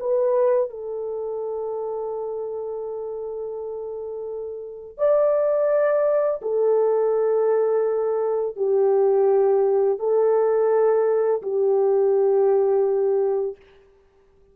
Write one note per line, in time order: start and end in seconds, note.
0.00 0.70 B4
0.70 4.98 A4
4.98 6.41 D5
6.42 8.56 A4
8.57 9.99 G4
9.99 11.42 A4
11.43 13.57 G4